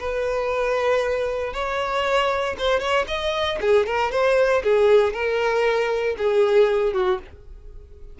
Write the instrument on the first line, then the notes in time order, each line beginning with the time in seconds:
violin
0.00 B4
1.54 C#5
2.59 C5
2.80 C#5
3.07 D#5
3.61 G#4
3.86 A#4
4.11 C5
4.64 G#4
5.14 A#4
6.18 G#4
6.93 F#4